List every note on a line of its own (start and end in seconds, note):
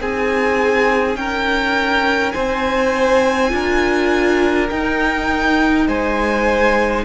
0.00 1.16 C4
0.00 3.50 D#4
0.00 1.18 G#4
0.00 1.16 G#5
1.16 2.34 C#4
1.16 2.34 A#4
1.16 2.32 G5
2.32 3.52 C4
2.32 3.51 C5
2.32 4.67 G#5
3.50 4.70 D4
3.50 4.67 F4
3.50 5.87 A#4
4.70 5.88 D#4
4.70 7.05 D#4
4.70 5.87 G5
5.87 7.05 G#3
5.87 7.05 C5
5.87 7.05 G#5